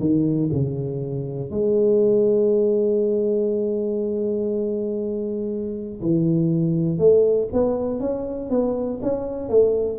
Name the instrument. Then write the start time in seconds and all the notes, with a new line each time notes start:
tuba
0.00 D#3
0.52 C#3
1.50 G#3
6.02 E3
6.98 A3
7.52 B3
8.00 C#4
8.50 B3
9.02 C#4
9.49 A3